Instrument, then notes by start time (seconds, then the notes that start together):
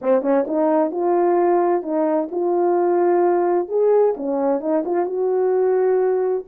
horn
0.01 C4
0.21 C#4
0.47 D#4
0.91 F4
1.82 D#4
2.31 F4
3.68 G#4
4.16 C#4
4.60 D#4
4.85 F4
5.05 F#4